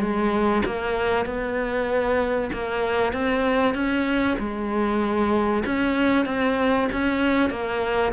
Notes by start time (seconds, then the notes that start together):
0.00 G#3
0.66 A#3
1.26 B3
2.53 A#3
3.13 C4
3.75 C#4
4.39 G#3
5.66 C#4
6.26 C4
6.93 C#4
7.50 A#3